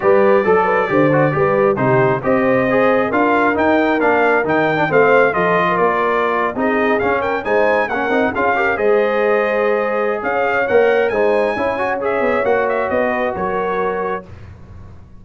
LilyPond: <<
  \new Staff \with { instrumentName = "trumpet" } { \time 4/4 \tempo 4 = 135 d''1 | c''4 dis''2 f''4 | g''4 f''4 g''4 f''4 | dis''4 d''4.~ d''16 dis''4 f''16~ |
f''16 g''8 gis''4 fis''4 f''4 dis''16~ | dis''2. f''4 | fis''4 gis''2 e''4 | fis''8 e''8 dis''4 cis''2 | }
  \new Staff \with { instrumentName = "horn" } { \time 4/4 b'4 a'8 b'8 c''4 b'4 | g'4 c''2 ais'4~ | ais'2. c''4 | a'8. ais'2 gis'4~ gis'16~ |
gis'16 ais'8 c''4 ais'4 gis'8 ais'8 c''16~ | c''2. cis''4~ | cis''4 c''4 cis''2~ | cis''4. b'8 ais'2 | }
  \new Staff \with { instrumentName = "trombone" } { \time 4/4 g'4 a'4 g'8 fis'8 g'4 | dis'4 g'4 gis'4 f'4 | dis'4 d'4 dis'8. d'16 c'4 | f'2~ f'8. dis'4 cis'16~ |
cis'8. dis'4 cis'8 dis'8 f'8 g'8 gis'16~ | gis'1 | ais'4 dis'4 e'8 fis'8 gis'4 | fis'1 | }
  \new Staff \with { instrumentName = "tuba" } { \time 4/4 g4 fis4 d4 g4 | c4 c'2 d'4 | dis'4 ais4 dis4 a4 | f4 ais4.~ ais16 c'4 cis'16~ |
cis'8. gis4 ais8 c'8 cis'4 gis16~ | gis2. cis'4 | ais4 gis4 cis'4. b8 | ais4 b4 fis2 | }
>>